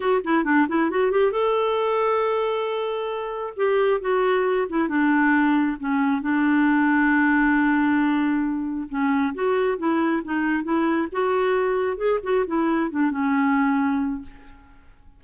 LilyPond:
\new Staff \with { instrumentName = "clarinet" } { \time 4/4 \tempo 4 = 135 fis'8 e'8 d'8 e'8 fis'8 g'8 a'4~ | a'1 | g'4 fis'4. e'8 d'4~ | d'4 cis'4 d'2~ |
d'1 | cis'4 fis'4 e'4 dis'4 | e'4 fis'2 gis'8 fis'8 | e'4 d'8 cis'2~ cis'8 | }